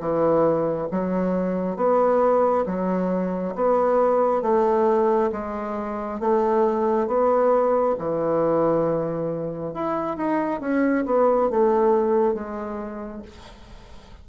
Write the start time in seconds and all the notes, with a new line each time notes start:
0.00 E3
0.91 F#3
1.76 B3
2.66 F#3
3.55 B3
4.42 A3
5.32 G#3
6.20 A3
7.07 B3
7.99 E3
9.74 E4
10.17 D#4
10.60 C#4
11.06 B3
11.50 A3
12.34 G#3